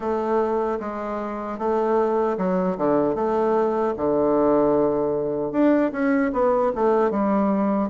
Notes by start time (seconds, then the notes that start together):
0.00 A3
0.79 G#3
1.58 A3
2.37 F#3
2.77 D3
3.15 A3
3.97 D3
5.52 D4
5.92 C#4
6.32 B3
6.75 A3
7.11 G3